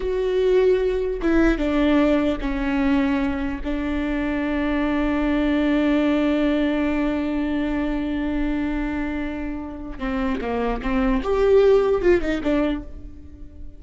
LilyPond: \new Staff \with { instrumentName = "viola" } { \time 4/4 \tempo 4 = 150 fis'2. e'4 | d'2 cis'2~ | cis'4 d'2.~ | d'1~ |
d'1~ | d'1~ | d'4 c'4 ais4 c'4 | g'2 f'8 dis'8 d'4 | }